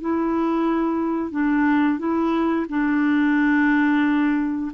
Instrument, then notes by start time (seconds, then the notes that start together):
clarinet
0.00 E4
1.31 D4
1.98 E4
2.69 D4